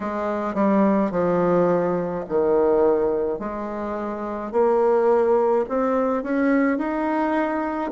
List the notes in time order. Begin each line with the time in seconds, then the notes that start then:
0.00 G#3
0.54 G3
1.11 F3
2.28 D#3
3.39 G#3
4.51 A#3
5.69 C4
6.23 C#4
6.78 D#4